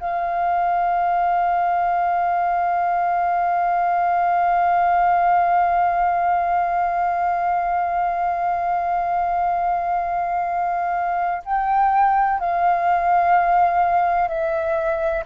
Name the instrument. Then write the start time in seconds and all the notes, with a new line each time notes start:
flute
0.00 F5
11.45 G5
12.40 F5
14.29 E5